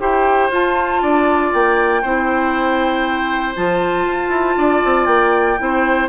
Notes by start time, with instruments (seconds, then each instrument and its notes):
0.00 bassoon E4, clarinet G4, oboe C5, flute G5
0.50 bassoon F4, clarinet F4, flute A5
1.02 bassoon D4, oboe D5
1.53 bassoon A#3, flute G5
2.02 bassoon C4, clarinet E4, oboe C5
3.56 bassoon F3, clarinet F4, flute A5
4.08 bassoon F4
4.29 bassoon E4
4.58 bassoon D4, oboe D5
4.85 bassoon C4
5.06 bassoon A#3, flute G5
5.58 bassoon C4, clarinet E4, oboe C5